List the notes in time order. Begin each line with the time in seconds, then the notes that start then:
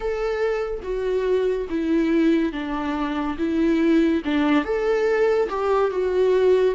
0.00 A4
0.83 F#4
1.69 E4
2.52 D4
3.38 E4
4.24 D4
4.64 A4
5.49 G4
5.90 F#4